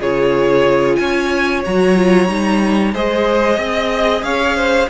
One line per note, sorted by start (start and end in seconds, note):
0.00 0.99 C#3
0.00 1.65 F4
0.00 0.98 G#4
0.00 0.96 C#5
0.96 1.65 C#4
0.96 2.94 C#5
0.96 1.61 G#5
1.65 2.29 F#3
1.65 1.95 F#4
1.65 2.95 A#5
1.95 2.28 F4
2.28 2.94 G3
2.28 2.93 D#4
2.94 3.57 G#3
2.94 4.90 G#4
2.94 3.59 C5
2.94 4.24 D#5
3.57 4.22 C4
3.57 4.24 D#5
4.22 4.88 C#4
4.22 4.57 C#5
4.22 4.89 F5
4.57 4.89 C5